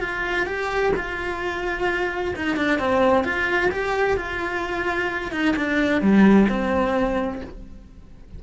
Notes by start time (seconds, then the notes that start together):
0.00 F4
0.46 G4
0.96 F4
2.36 D#4
2.57 D4
2.79 C4
3.24 F4
3.71 G4
4.17 F4
5.32 D#4
5.56 D4
6.02 G3
6.49 C4